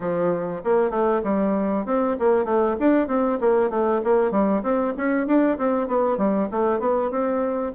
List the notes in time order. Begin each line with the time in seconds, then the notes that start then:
0.00 F3
0.64 A#3
0.90 A3
1.23 G3
1.85 C4
2.19 A#3
2.45 A3
2.79 D4
3.07 C4
3.40 A#3
3.70 A3
4.03 A#3
4.31 G3
4.63 C4
4.97 C#4
5.26 D4
5.58 C4
5.87 B3
6.17 G3
6.51 A3
6.79 B3
7.10 C4